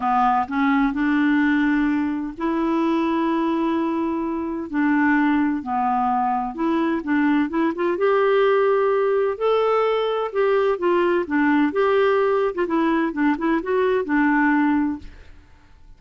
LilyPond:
\new Staff \with { instrumentName = "clarinet" } { \time 4/4 \tempo 4 = 128 b4 cis'4 d'2~ | d'4 e'2.~ | e'2 d'2 | b2 e'4 d'4 |
e'8 f'8 g'2. | a'2 g'4 f'4 | d'4 g'4.~ g'16 f'16 e'4 | d'8 e'8 fis'4 d'2 | }